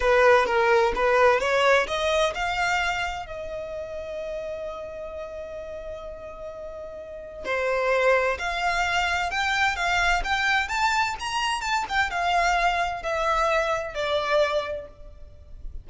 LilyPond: \new Staff \with { instrumentName = "violin" } { \time 4/4 \tempo 4 = 129 b'4 ais'4 b'4 cis''4 | dis''4 f''2 dis''4~ | dis''1~ | dis''1 |
c''2 f''2 | g''4 f''4 g''4 a''4 | ais''4 a''8 g''8 f''2 | e''2 d''2 | }